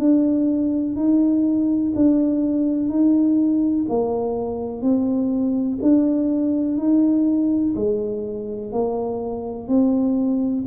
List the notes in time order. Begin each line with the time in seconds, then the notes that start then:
0.00 D4
0.97 D#4
1.96 D4
2.90 D#4
3.89 A#3
4.83 C4
5.82 D4
6.78 D#4
7.76 G#3
8.72 A#3
9.69 C4